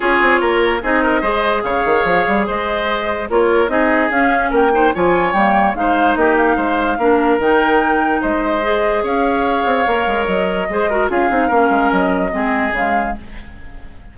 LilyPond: <<
  \new Staff \with { instrumentName = "flute" } { \time 4/4 \tempo 4 = 146 cis''2 dis''2 | f''2 dis''2 | cis''4 dis''4 f''4 g''4 | gis''4 g''4 f''4 dis''8 f''8~ |
f''2 g''2 | dis''2 f''2~ | f''4 dis''2 f''4~ | f''4 dis''2 f''4 | }
  \new Staff \with { instrumentName = "oboe" } { \time 4/4 gis'4 ais'4 gis'8 ais'8 c''4 | cis''2 c''2 | ais'4 gis'2 ais'8 c''8 | cis''2 c''4 g'4 |
c''4 ais'2. | c''2 cis''2~ | cis''2 c''8 ais'8 gis'4 | ais'2 gis'2 | }
  \new Staff \with { instrumentName = "clarinet" } { \time 4/4 f'2 dis'4 gis'4~ | gis'1 | f'4 dis'4 cis'4. dis'8 | f'4 ais4 dis'2~ |
dis'4 d'4 dis'2~ | dis'4 gis'2. | ais'2 gis'8 fis'8 f'8 dis'8 | cis'2 c'4 gis4 | }
  \new Staff \with { instrumentName = "bassoon" } { \time 4/4 cis'8 c'8 ais4 c'4 gis4 | cis8 dis8 f8 g8 gis2 | ais4 c'4 cis'4 ais4 | f4 g4 gis4 ais4 |
gis4 ais4 dis2 | gis2 cis'4. c'8 | ais8 gis8 fis4 gis4 cis'8 c'8 | ais8 gis8 fis4 gis4 cis4 | }
>>